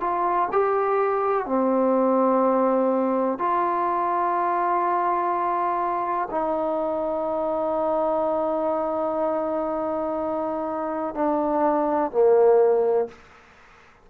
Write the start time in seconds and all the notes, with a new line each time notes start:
0.00 F4
0.51 G4
1.46 C4
3.38 F4
6.30 D#4
11.14 D4
12.11 A#3